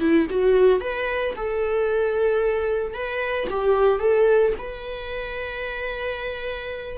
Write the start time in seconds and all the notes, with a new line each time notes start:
0.00 E4
0.30 F#4
0.80 B4
1.36 A4
2.94 B4
3.50 G4
3.99 A4
4.58 B4